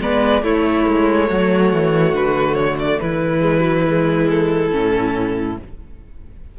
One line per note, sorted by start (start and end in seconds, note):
0.00 0.42 G#3
0.00 0.43 B3
0.00 0.44 B4
0.00 0.44 D5
0.42 0.85 A3
0.42 3.40 A3
0.42 1.29 E4
0.42 2.15 C#5
0.87 1.30 G#3
1.29 1.73 F#3
1.29 3.00 F#4
1.73 2.13 E3
2.13 2.99 D3
2.13 2.55 B4
2.55 2.76 C#5
2.79 3.00 D5
3.00 4.72 E3
3.00 5.59 E4
3.00 4.28 B4
3.40 3.61 G#3
3.61 3.82 F#3
3.87 4.72 G#3
4.29 5.58 A4
4.72 5.58 A2
4.72 5.57 C#4